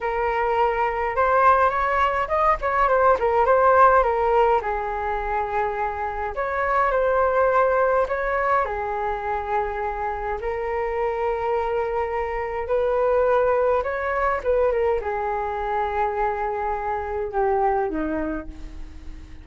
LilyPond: \new Staff \with { instrumentName = "flute" } { \time 4/4 \tempo 4 = 104 ais'2 c''4 cis''4 | dis''8 cis''8 c''8 ais'8 c''4 ais'4 | gis'2. cis''4 | c''2 cis''4 gis'4~ |
gis'2 ais'2~ | ais'2 b'2 | cis''4 b'8 ais'8 gis'2~ | gis'2 g'4 dis'4 | }